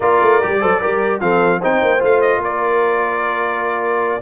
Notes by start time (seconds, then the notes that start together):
0.00 A#3 F4 A#4 D5
0.21 A3
0.41 G3 G4
0.60 F#3 A4 C5
0.81 G3 G4 A#4
1.20 F3 C4 A4 F5
1.60 C4 D#4 C5 G5
1.82 A#3
1.99 A3 F4 F5
2.21 D#5
2.37 A#3
2.43 A#4 D5